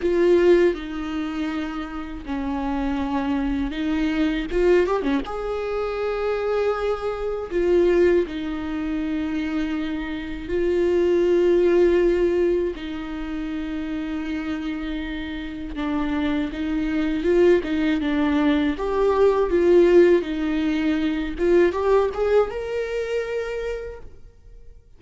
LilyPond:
\new Staff \with { instrumentName = "viola" } { \time 4/4 \tempo 4 = 80 f'4 dis'2 cis'4~ | cis'4 dis'4 f'8 g'16 cis'16 gis'4~ | gis'2 f'4 dis'4~ | dis'2 f'2~ |
f'4 dis'2.~ | dis'4 d'4 dis'4 f'8 dis'8 | d'4 g'4 f'4 dis'4~ | dis'8 f'8 g'8 gis'8 ais'2 | }